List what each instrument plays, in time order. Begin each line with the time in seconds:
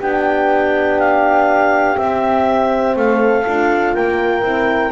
0.00 double bass B3, horn D4, flute G4, clarinet G5
0.99 clarinet F5
1.97 horn C4, double bass C4, clarinet E5
2.96 double bass A3, flute A4, clarinet F5
3.45 double bass D4, horn F4
3.94 double bass A#3, flute A#4, clarinet G5
4.42 double bass C4, horn E4